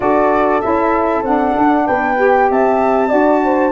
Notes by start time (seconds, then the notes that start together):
0.00 D4 F#4 A4 D5
0.60 C#4 E4 E5
1.22 C4 D4 F#5
1.57 D4
1.86 B3 B4 G5
2.17 G4
2.50 C4 E5 A5
3.08 D4 F#4 D5
3.43 C5